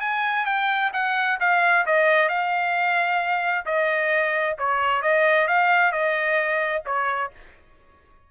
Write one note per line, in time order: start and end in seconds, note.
0.00 0.45 G#5
0.45 0.91 G5
0.93 1.38 F#5
1.40 1.85 F5
1.86 2.28 D#5
2.28 3.65 F5
3.65 4.56 D#5
4.58 5.02 C#5
5.02 5.47 D#5
5.47 5.92 F5
5.92 6.82 D#5
6.85 7.31 C#5